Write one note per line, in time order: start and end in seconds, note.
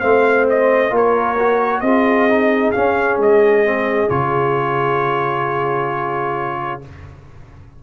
0.00 0.91 A3
0.00 0.90 C4
0.00 0.92 C5
0.00 0.45 F5
0.50 0.96 D#5
0.90 1.82 A#3
0.90 1.36 F4
0.90 1.84 A#4
0.97 1.81 C#5
1.39 1.85 F#4
1.81 2.73 C4
1.81 2.30 F4
1.81 6.84 G#4
1.81 2.72 D#5
2.30 2.75 D#4
2.72 3.65 C#4
2.72 3.17 C#4
2.72 3.18 F5
3.17 4.08 G#3
3.17 4.10 D#5
3.65 4.09 C4
4.09 6.83 C#3
4.09 6.82 F4
4.09 6.83 C#5